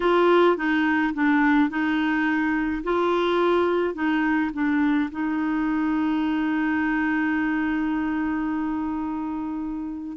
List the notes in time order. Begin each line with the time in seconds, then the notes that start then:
0.00 F4
0.57 D#4
1.14 D4
1.69 D#4
2.83 F4
3.94 D#4
4.53 D4
5.11 D#4